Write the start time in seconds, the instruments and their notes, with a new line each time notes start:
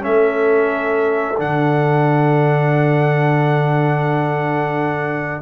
0.00 trombone C#4, horn A4, trumpet E5
0.07 tuba A3
1.38 tuba D3, trombone D4, trumpet F#5